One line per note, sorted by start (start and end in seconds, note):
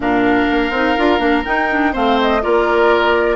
0.00 0.46 A#2
0.00 0.73 D4
0.00 1.93 A#4
0.00 1.45 F5
0.50 0.70 A#3
0.70 0.94 C4
0.70 0.97 D#4
0.97 1.18 D4
0.97 1.18 F4
1.18 1.43 A#3
1.18 1.42 D4
1.45 1.69 D#4
1.45 1.95 D#4
1.45 1.93 G5
1.70 1.92 D4
1.92 2.44 A3
1.92 2.40 C4
1.92 2.41 C5
1.92 2.19 F5
2.21 2.42 D#5
2.41 3.36 A#3
2.41 3.36 F4
2.41 3.36 A#4
2.41 3.36 D5